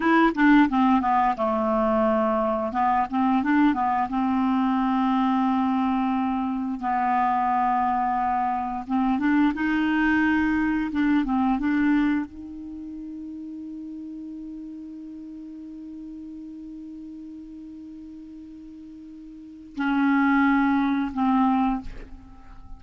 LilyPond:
\new Staff \with { instrumentName = "clarinet" } { \time 4/4 \tempo 4 = 88 e'8 d'8 c'8 b8 a2 | b8 c'8 d'8 b8 c'2~ | c'2 b2~ | b4 c'8 d'8 dis'2 |
d'8 c'8 d'4 dis'2~ | dis'1~ | dis'1~ | dis'4 cis'2 c'4 | }